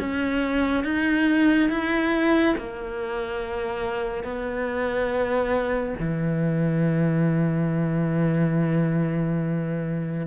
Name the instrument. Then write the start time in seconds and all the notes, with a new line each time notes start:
cello
0.00 C#4
0.85 D#4
1.70 E4
2.58 A#3
4.24 B3
6.00 E3